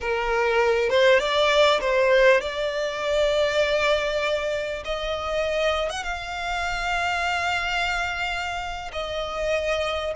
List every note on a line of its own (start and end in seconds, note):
0.00 0.89 A#4
0.89 1.19 C5
1.19 1.80 D5
1.80 2.40 C5
2.40 4.83 D5
4.84 5.89 D#5
5.89 6.03 F#5
6.03 8.91 F5
8.92 10.13 D#5